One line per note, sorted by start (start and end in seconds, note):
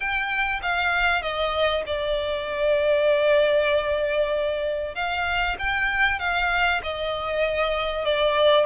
0.00 0.60 G5
0.62 1.21 F5
1.21 1.83 D#5
1.86 4.94 D5
4.94 5.56 F5
5.58 6.19 G5
6.19 6.81 F5
6.83 8.04 D#5
8.04 8.65 D5